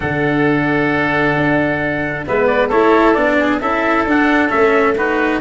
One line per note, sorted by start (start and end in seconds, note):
0.00 1.36 D3
0.00 2.24 D4
0.00 2.25 A4
0.00 2.24 F#5
1.36 2.26 D4
2.26 2.72 G#3
2.26 2.71 B3
2.26 2.68 B4
2.26 2.46 E5
2.46 2.69 D5
2.68 3.16 A3
2.68 3.15 E4
2.68 3.36 A4
2.68 3.13 C#5
3.13 3.61 B3
3.13 3.60 D4
3.13 3.58 D5
3.39 3.61 G#4
3.61 4.05 C#4
3.61 4.07 E4
3.61 4.96 A4
3.61 4.06 E5
4.05 4.50 D4
4.05 4.49 D4
4.05 4.50 F#5
4.49 5.41 A3
4.49 4.94 C#4
4.49 4.95 E5
4.96 5.41 D#4
4.96 5.41 F#4
4.96 5.41 B4